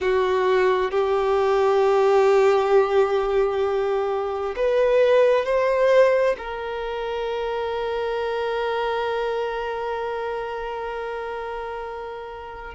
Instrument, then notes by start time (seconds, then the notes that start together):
violin
0.00 F#4
0.91 G4
4.56 B4
5.45 C5
6.38 A#4